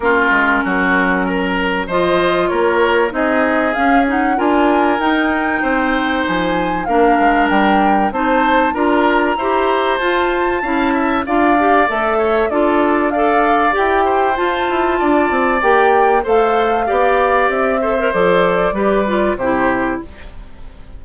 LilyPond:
<<
  \new Staff \with { instrumentName = "flute" } { \time 4/4 \tempo 4 = 96 ais'2. dis''4 | cis''4 dis''4 f''8 fis''8 gis''4 | g''2 gis''4 f''4 | g''4 a''4 ais''2 |
a''2 f''4 e''4 | d''4 f''4 g''4 a''4~ | a''4 g''4 f''2 | e''4 d''2 c''4 | }
  \new Staff \with { instrumentName = "oboe" } { \time 4/4 f'4 fis'4 ais'4 c''4 | ais'4 gis'2 ais'4~ | ais'4 c''2 ais'4~ | ais'4 c''4 ais'4 c''4~ |
c''4 f''8 e''8 d''4. cis''8 | a'4 d''4. c''4. | d''2 c''4 d''4~ | d''8 c''4. b'4 g'4 | }
  \new Staff \with { instrumentName = "clarinet" } { \time 4/4 cis'2. f'4~ | f'4 dis'4 cis'8 dis'8 f'4 | dis'2. d'4~ | d'4 dis'4 f'4 g'4 |
f'4 e'4 f'8 g'8 a'4 | f'4 a'4 g'4 f'4~ | f'4 g'4 a'4 g'4~ | g'8 a'16 ais'16 a'4 g'8 f'8 e'4 | }
  \new Staff \with { instrumentName = "bassoon" } { \time 4/4 ais8 gis8 fis2 f4 | ais4 c'4 cis'4 d'4 | dis'4 c'4 f4 ais8 gis8 | g4 c'4 d'4 e'4 |
f'4 cis'4 d'4 a4 | d'2 e'4 f'8 e'8 | d'8 c'8 ais4 a4 b4 | c'4 f4 g4 c4 | }
>>